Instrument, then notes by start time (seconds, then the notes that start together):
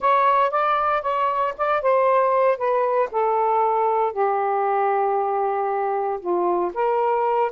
saxophone
0.00 C#5
0.50 D5
1.02 C#5
1.57 D5
1.82 C5
2.57 B4
3.11 A4
4.12 G4
6.20 F4
6.74 A#4